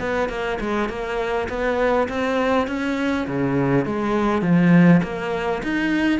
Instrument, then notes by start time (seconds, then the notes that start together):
cello
0.00 B3
0.29 A#3
0.61 G#3
0.89 A#3
1.49 B3
2.09 C4
2.68 C#4
3.27 C#3
3.86 G#3
4.42 F3
5.03 A#3
5.63 D#4